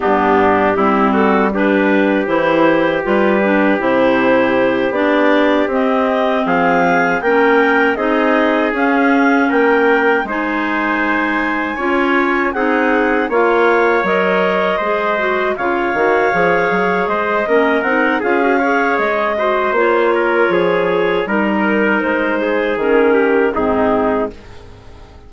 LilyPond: <<
  \new Staff \with { instrumentName = "clarinet" } { \time 4/4 \tempo 4 = 79 g'4. a'8 b'4 c''4 | b'4 c''4. d''4 dis''8~ | dis''8 f''4 g''4 dis''4 f''8~ | f''8 g''4 gis''2~ gis''8~ |
gis''8 fis''4 f''4 dis''4.~ | dis''8 f''2 dis''4 fis''8 | f''4 dis''4 cis''2 | ais'4 c''4 ais'4 gis'4 | }
  \new Staff \with { instrumentName = "trumpet" } { \time 4/4 d'4 e'8 fis'8 g'2~ | g'1~ | g'8 gis'4 ais'4 gis'4.~ | gis'8 ais'4 c''2 cis''8~ |
cis''8 gis'4 cis''2 c''8~ | c''8 cis''2 c''8 ais'4 | gis'8 cis''4 c''4 ais'8 gis'4 | ais'4. gis'4 g'8 dis'4 | }
  \new Staff \with { instrumentName = "clarinet" } { \time 4/4 b4 c'4 d'4 e'4 | f'8 d'8 e'4. d'4 c'8~ | c'4. cis'4 dis'4 cis'8~ | cis'4. dis'2 f'8~ |
f'8 dis'4 f'4 ais'4 gis'8 | fis'8 f'8 fis'8 gis'4. cis'8 dis'8 | f'16 fis'16 gis'4 fis'8 f'2 | dis'2 cis'4 c'4 | }
  \new Staff \with { instrumentName = "bassoon" } { \time 4/4 g,4 g2 e4 | g4 c4. b4 c'8~ | c'8 f4 ais4 c'4 cis'8~ | cis'8 ais4 gis2 cis'8~ |
cis'8 c'4 ais4 fis4 gis8~ | gis8 cis8 dis8 f8 fis8 gis8 ais8 c'8 | cis'4 gis4 ais4 f4 | g4 gis4 dis4 gis,4 | }
>>